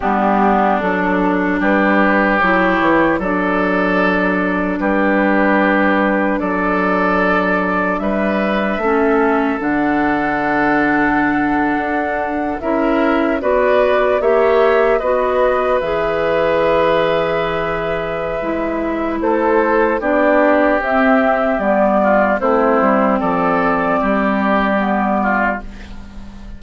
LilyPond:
<<
  \new Staff \with { instrumentName = "flute" } { \time 4/4 \tempo 4 = 75 g'4 a'4 b'4 cis''4 | d''2 b'2 | d''2 e''2 | fis''2.~ fis''8. e''16~ |
e''8. d''4 e''4 dis''4 e''16~ | e''1 | c''4 d''4 e''4 d''4 | c''4 d''2. | }
  \new Staff \with { instrumentName = "oboe" } { \time 4/4 d'2 g'2 | a'2 g'2 | a'2 b'4 a'4~ | a'2.~ a'8. ais'16~ |
ais'8. b'4 cis''4 b'4~ b'16~ | b'1 | a'4 g'2~ g'8 f'8 | e'4 a'4 g'4. f'8 | }
  \new Staff \with { instrumentName = "clarinet" } { \time 4/4 b4 d'2 e'4 | d'1~ | d'2. cis'4 | d'2.~ d'8. e'16~ |
e'8. fis'4 g'4 fis'4 gis'16~ | gis'2. e'4~ | e'4 d'4 c'4 b4 | c'2. b4 | }
  \new Staff \with { instrumentName = "bassoon" } { \time 4/4 g4 fis4 g4 fis8 e8 | fis2 g2 | fis2 g4 a4 | d2~ d8. d'4 cis'16~ |
cis'8. b4 ais4 b4 e16~ | e2. gis4 | a4 b4 c'4 g4 | a8 g8 f4 g2 | }
>>